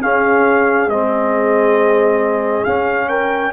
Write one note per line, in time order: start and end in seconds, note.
0.00 0.87 C#4
0.00 0.90 C#4
0.00 3.08 G#4
0.00 0.89 F5
0.87 2.64 G#3
0.87 2.66 C4
0.87 2.64 D#5
2.64 3.52 C#4
2.64 3.08 F5
3.08 3.52 A#4
3.08 3.52 G5